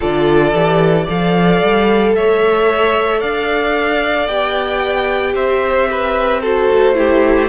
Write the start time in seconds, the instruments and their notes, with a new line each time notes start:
0.00 cello D3, viola F4, violin A4 D5
0.53 cello E3, viola G4
1.04 cello F3, viola A4, violin D5 F5
1.62 cello G3
2.15 cello A3, violin C#5 E5
3.18 cello D4, violin D5 F5
4.27 cello B3, viola G4, violin G5
5.34 cello C4, violin C5 E5
5.91 violin B4
6.41 viola F#4, violin A4 C5
6.71 cello A3
6.94 viola E4, violin G4